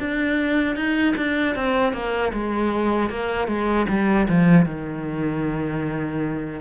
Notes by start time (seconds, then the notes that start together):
0.00 D4
0.76 D#4
1.17 D4
1.56 C4
1.93 A#3
2.33 G#3
3.10 A#3
3.48 G#3
3.89 G3
4.29 F3
4.66 D#3